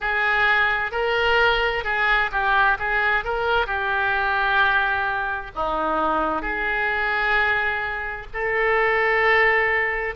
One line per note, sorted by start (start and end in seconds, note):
0.00 0.91 G#4
0.91 1.84 A#4
1.84 2.30 G#4
2.31 2.77 G4
2.79 3.24 G#4
3.24 3.66 A#4
3.66 5.51 G4
5.55 6.42 D#4
6.42 8.26 G#4
8.33 10.15 A4